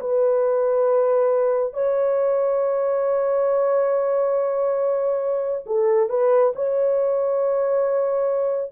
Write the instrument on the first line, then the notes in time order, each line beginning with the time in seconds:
horn
0.00 B4
1.73 C#5
5.66 A4
6.09 B4
6.55 C#5